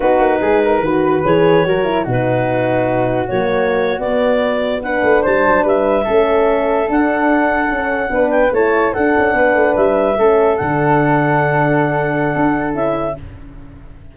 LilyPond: <<
  \new Staff \with { instrumentName = "clarinet" } { \time 4/4 \tempo 4 = 146 b'2. cis''4~ | cis''4 b'2. | cis''4.~ cis''16 d''2 fis''16~ | fis''8. a''4 e''2~ e''16~ |
e''8. fis''2.~ fis''16~ | fis''16 g''8 a''4 fis''2 e''16~ | e''4.~ e''16 fis''2~ fis''16~ | fis''2. e''4 | }
  \new Staff \with { instrumentName = "flute" } { \time 4/4 fis'4 gis'8 ais'8 b'2 | ais'4 fis'2.~ | fis'2.~ fis'8. b'16~ | b'8. c''4 b'4 a'4~ a'16~ |
a'2.~ a'8. b'16~ | b'8. cis''4 a'4 b'4~ b'16~ | b'8. a'2.~ a'16~ | a'1 | }
  \new Staff \with { instrumentName = "horn" } { \time 4/4 dis'2 fis'4 gis'4 | fis'8 e'8 dis'2. | ais4.~ ais16 b2 d'16~ | d'2~ d'8. cis'4~ cis'16~ |
cis'8. d'2 cis'4 d'16~ | d'8. e'4 d'2~ d'16~ | d'8. cis'4 d'2~ d'16~ | d'2. e'4 | }
  \new Staff \with { instrumentName = "tuba" } { \time 4/4 b8 ais8 gis4 dis4 e4 | fis4 b,2. | fis4.~ fis16 b2~ b16~ | b16 a8 g8 fis8 g4 a4~ a16~ |
a8. d'2 cis'4 b16~ | b8. a4 d'8 cis'8 b8 a8 g16~ | g8. a4 d2~ d16~ | d2 d'4 cis'4 | }
>>